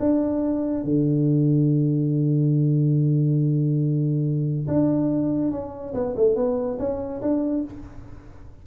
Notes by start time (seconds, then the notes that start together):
0.00 D4
0.85 D3
4.68 D4
5.52 C#4
5.94 B3
6.17 A3
6.36 B3
6.79 C#4
7.22 D4